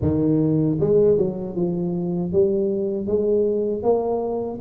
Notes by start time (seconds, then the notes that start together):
0.01 D#3
0.80 G#3
1.17 F#3
1.55 F3
2.32 G3
3.06 G#3
3.83 A#3